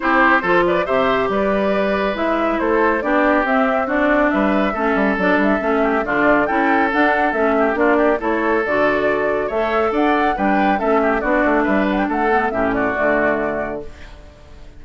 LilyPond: <<
  \new Staff \with { instrumentName = "flute" } { \time 4/4 \tempo 4 = 139 c''4. d''8 e''4 d''4~ | d''4 e''4 c''4 d''4 | e''4 d''4 e''2 | d''8 e''4. d''4 g''4 |
fis''4 e''4 d''4 cis''4 | d''2 e''4 fis''4 | g''4 e''4 d''4 e''8 fis''16 g''16 | fis''4 e''8 d''2~ d''8 | }
  \new Staff \with { instrumentName = "oboe" } { \time 4/4 g'4 a'8 b'8 c''4 b'4~ | b'2 a'4 g'4~ | g'4 fis'4 b'4 a'4~ | a'4. g'8 f'4 a'4~ |
a'4. g'8 f'8 g'8 a'4~ | a'2 cis''4 d''4 | b'4 a'8 g'8 fis'4 b'4 | a'4 g'8 fis'2~ fis'8 | }
  \new Staff \with { instrumentName = "clarinet" } { \time 4/4 e'4 f'4 g'2~ | g'4 e'2 d'4 | c'4 d'2 cis'4 | d'4 cis'4 d'4 e'4 |
d'4 cis'4 d'4 e'4 | fis'2 a'2 | d'4 cis'4 d'2~ | d'8 b8 cis'4 a2 | }
  \new Staff \with { instrumentName = "bassoon" } { \time 4/4 c'4 f4 c4 g4~ | g4 gis4 a4 b4 | c'2 g4 a8 g8 | fis8 g8 a4 d4 cis'4 |
d'4 a4 ais4 a4 | d2 a4 d'4 | g4 a4 b8 a8 g4 | a4 a,4 d2 | }
>>